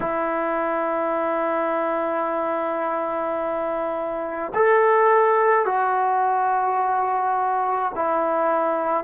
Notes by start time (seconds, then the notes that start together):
0.00 E4
4.54 A4
5.65 F#4
7.95 E4